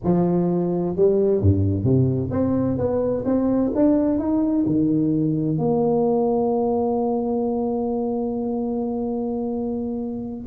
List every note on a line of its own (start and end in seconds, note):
0.04 0.95 F3
0.95 1.41 G3
1.41 1.84 G2
1.84 2.30 C3
2.30 2.77 C4
2.77 3.24 B3
3.25 3.71 C4
3.75 4.18 D4
4.18 4.65 D#4
4.65 5.58 D#3
5.58 10.46 A#3